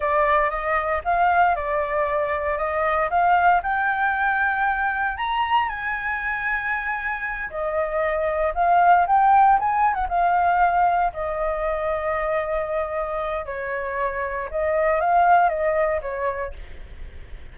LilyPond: \new Staff \with { instrumentName = "flute" } { \time 4/4 \tempo 4 = 116 d''4 dis''4 f''4 d''4~ | d''4 dis''4 f''4 g''4~ | g''2 ais''4 gis''4~ | gis''2~ gis''8 dis''4.~ |
dis''8 f''4 g''4 gis''8. fis''16 f''8~ | f''4. dis''2~ dis''8~ | dis''2 cis''2 | dis''4 f''4 dis''4 cis''4 | }